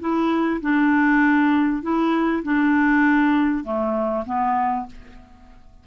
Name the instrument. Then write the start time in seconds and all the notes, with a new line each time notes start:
clarinet
0.00 E4
0.61 D4
1.82 E4
2.43 D4
3.64 A3
4.26 B3